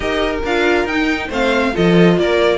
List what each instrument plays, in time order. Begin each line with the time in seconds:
0.00 cello D#4, viola G4, violin A#4 D#5
0.43 cello D4, viola F4, violin F5
0.84 cello D#4, viola D#4, violin G5
1.28 cello A3, viola C4, violin C5 F5
1.73 cello F3, viola F4, violin A4 D#5
2.18 cello A#3, violin A#4 D5